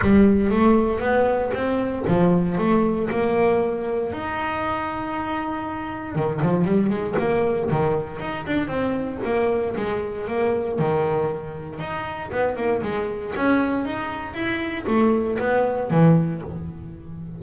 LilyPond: \new Staff \with { instrumentName = "double bass" } { \time 4/4 \tempo 4 = 117 g4 a4 b4 c'4 | f4 a4 ais2 | dis'1 | dis8 f8 g8 gis8 ais4 dis4 |
dis'8 d'8 c'4 ais4 gis4 | ais4 dis2 dis'4 | b8 ais8 gis4 cis'4 dis'4 | e'4 a4 b4 e4 | }